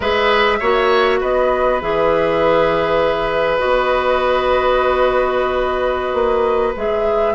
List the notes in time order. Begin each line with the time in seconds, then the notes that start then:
0.00 G#3 G#4 B4 E5
0.59 A#3 F#4 C#5
1.20 B3 B4 D#5
1.81 E3 G#4 E5
3.58 B3 F#4 D#5
6.13 A#3
6.75 G#3 G#4 E5